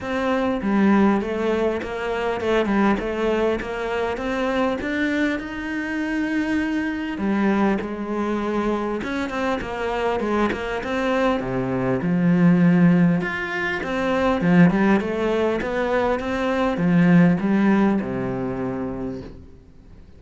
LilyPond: \new Staff \with { instrumentName = "cello" } { \time 4/4 \tempo 4 = 100 c'4 g4 a4 ais4 | a8 g8 a4 ais4 c'4 | d'4 dis'2. | g4 gis2 cis'8 c'8 |
ais4 gis8 ais8 c'4 c4 | f2 f'4 c'4 | f8 g8 a4 b4 c'4 | f4 g4 c2 | }